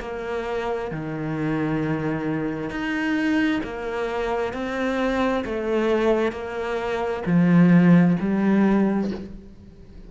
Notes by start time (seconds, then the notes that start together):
0.00 A#3
0.91 D#3
2.70 D#4
3.64 A#3
4.53 C4
5.45 A3
6.32 A#3
7.26 F3
8.20 G3